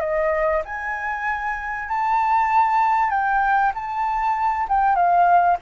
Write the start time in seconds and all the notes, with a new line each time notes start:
0.00 D#5
0.65 G#5
1.88 A5
3.10 G5
3.75 A5
4.68 G5
4.95 F5